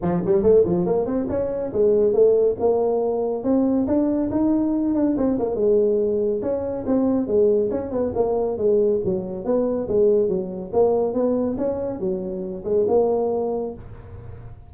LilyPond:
\new Staff \with { instrumentName = "tuba" } { \time 4/4 \tempo 4 = 140 f8 g8 a8 f8 ais8 c'8 cis'4 | gis4 a4 ais2 | c'4 d'4 dis'4. d'8 | c'8 ais8 gis2 cis'4 |
c'4 gis4 cis'8 b8 ais4 | gis4 fis4 b4 gis4 | fis4 ais4 b4 cis'4 | fis4. gis8 ais2 | }